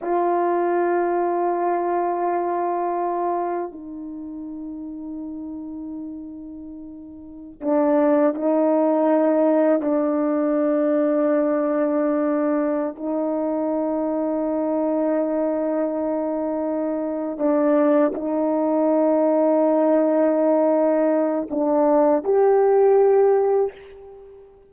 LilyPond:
\new Staff \with { instrumentName = "horn" } { \time 4/4 \tempo 4 = 81 f'1~ | f'4 dis'2.~ | dis'2~ dis'16 d'4 dis'8.~ | dis'4~ dis'16 d'2~ d'8.~ |
d'4. dis'2~ dis'8~ | dis'2.~ dis'8 d'8~ | d'8 dis'2.~ dis'8~ | dis'4 d'4 g'2 | }